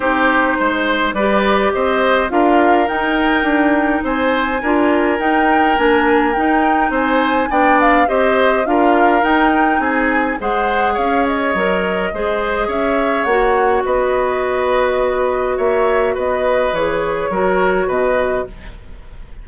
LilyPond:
<<
  \new Staff \with { instrumentName = "flute" } { \time 4/4 \tempo 4 = 104 c''2 d''4 dis''4 | f''4 g''2 gis''4~ | gis''4 g''4 gis''4 g''4 | gis''4 g''8 f''8 dis''4 f''4 |
g''4 gis''4 fis''4 f''8 dis''8~ | dis''2 e''4 fis''4 | dis''2. e''4 | dis''4 cis''2 dis''4 | }
  \new Staff \with { instrumentName = "oboe" } { \time 4/4 g'4 c''4 b'4 c''4 | ais'2. c''4 | ais'1 | c''4 d''4 c''4 ais'4~ |
ais'4 gis'4 c''4 cis''4~ | cis''4 c''4 cis''2 | b'2. cis''4 | b'2 ais'4 b'4 | }
  \new Staff \with { instrumentName = "clarinet" } { \time 4/4 dis'2 g'2 | f'4 dis'2. | f'4 dis'4 d'4 dis'4~ | dis'4 d'4 g'4 f'4 |
dis'2 gis'2 | ais'4 gis'2 fis'4~ | fis'1~ | fis'4 gis'4 fis'2 | }
  \new Staff \with { instrumentName = "bassoon" } { \time 4/4 c'4 gis4 g4 c'4 | d'4 dis'4 d'4 c'4 | d'4 dis'4 ais4 dis'4 | c'4 b4 c'4 d'4 |
dis'4 c'4 gis4 cis'4 | fis4 gis4 cis'4 ais4 | b2. ais4 | b4 e4 fis4 b,4 | }
>>